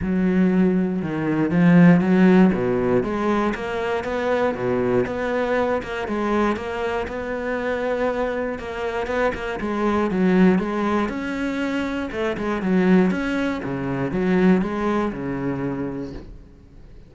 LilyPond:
\new Staff \with { instrumentName = "cello" } { \time 4/4 \tempo 4 = 119 fis2 dis4 f4 | fis4 b,4 gis4 ais4 | b4 b,4 b4. ais8 | gis4 ais4 b2~ |
b4 ais4 b8 ais8 gis4 | fis4 gis4 cis'2 | a8 gis8 fis4 cis'4 cis4 | fis4 gis4 cis2 | }